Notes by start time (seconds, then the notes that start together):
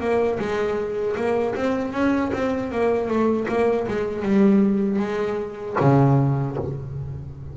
0.00 A#3
0.39 G#3
1.16 A#3
1.55 C4
1.92 C#4
2.33 C4
2.71 A#3
3.08 A3
3.48 A#3
3.87 G#3
4.22 G3
4.99 G#3
5.80 C#3